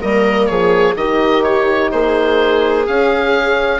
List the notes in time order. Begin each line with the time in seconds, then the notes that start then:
0.00 G3 A#3 A#4 D#5
0.46 F3 G#4 C#5
0.95 D#3 D#4 G4 D#5
1.43 C#5
1.91 A#3 G#4 C5
2.85 C#4 F5